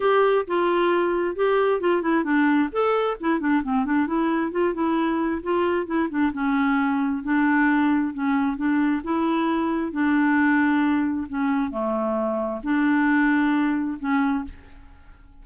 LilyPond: \new Staff \with { instrumentName = "clarinet" } { \time 4/4 \tempo 4 = 133 g'4 f'2 g'4 | f'8 e'8 d'4 a'4 e'8 d'8 | c'8 d'8 e'4 f'8 e'4. | f'4 e'8 d'8 cis'2 |
d'2 cis'4 d'4 | e'2 d'2~ | d'4 cis'4 a2 | d'2. cis'4 | }